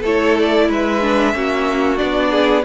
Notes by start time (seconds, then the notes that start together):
0.00 A3 E4 A4 C#5
0.38 D5
0.68 G#3 B4 E5
1.01 D4
1.33 A#3 C#4 F#4
1.97 B3 D4 D5
2.30 G#4